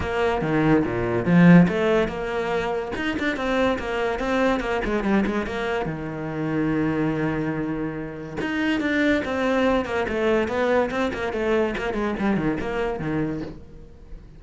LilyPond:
\new Staff \with { instrumentName = "cello" } { \time 4/4 \tempo 4 = 143 ais4 dis4 ais,4 f4 | a4 ais2 dis'8 d'8 | c'4 ais4 c'4 ais8 gis8 | g8 gis8 ais4 dis2~ |
dis1 | dis'4 d'4 c'4. ais8 | a4 b4 c'8 ais8 a4 | ais8 gis8 g8 dis8 ais4 dis4 | }